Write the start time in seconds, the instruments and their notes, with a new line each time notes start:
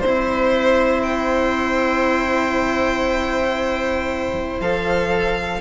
0.00 bassoon C4, violin C5, viola C5
0.06 cello E4
1.03 violin G5
4.60 bassoon F3, cello A4, violin F5